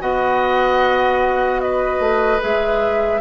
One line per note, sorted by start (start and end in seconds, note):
0.00 2.00 B3
0.00 2.40 F#4
0.00 1.62 D#5
0.00 1.61 F#5
1.61 3.21 B4
1.61 2.41 D#5
2.00 2.40 A3
2.41 3.21 G#3
2.41 3.21 G#4
2.41 3.21 E5